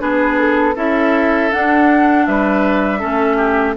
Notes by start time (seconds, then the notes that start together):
0.00 B3 D4 G#4 B4
0.39 A4
0.76 C#4 E4 A4 E5
1.53 D4 F#5
2.26 G3 B4 E5
3.00 A3 C#4 A4
3.37 G4